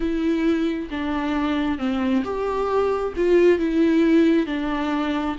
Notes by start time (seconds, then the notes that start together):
0.00 E4
0.90 D4
1.78 C4
2.24 G4
3.16 F4
3.59 E4
4.46 D4